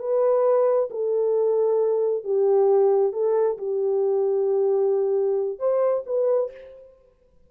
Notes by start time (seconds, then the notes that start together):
0.00 B4
0.91 A4
2.24 G4
3.13 A4
3.58 G4
5.59 C5
6.07 B4